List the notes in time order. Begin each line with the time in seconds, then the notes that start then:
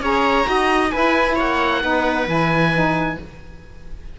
0.00 C#4 G#4 C#5 A#5
0.44 D#4 F#4 D#5
0.90 E4 B4 G#5
1.35 A#3 C#5 F#5
1.81 B3 D#4 B4
2.27 E3 E4 G#5
2.73 D#4